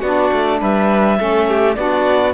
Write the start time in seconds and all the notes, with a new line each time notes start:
0.00 B3 D4 F#4 D5
0.32 A3
0.60 G3 B4 E5
1.17 A3 C#4 A4
1.48 G4
1.75 B3 D4 F#4 D5